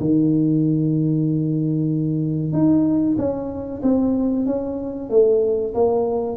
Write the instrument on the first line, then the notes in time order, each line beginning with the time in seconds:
tuba
0.00 D#3
2.53 D#4
3.18 C#4
3.83 C4
4.46 C#4
5.10 A3
5.74 A#3